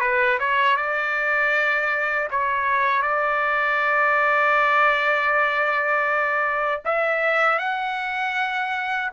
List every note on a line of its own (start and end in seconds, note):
0.00 0.38 B4
0.39 0.77 C#5
0.77 2.29 D5
2.31 3.02 C#5
3.02 6.82 D5
6.85 7.59 E5
7.59 9.11 F#5